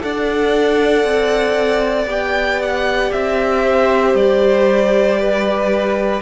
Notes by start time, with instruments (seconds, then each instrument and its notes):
0.00 cello D4, viola A4, violin D5 F#5
1.04 cello C4
2.06 cello B3, viola G4, violin G5
2.62 violin F#5
3.12 cello C4, violin E5
3.64 violin C5
4.14 cello G3, violin D5
5.19 violin B4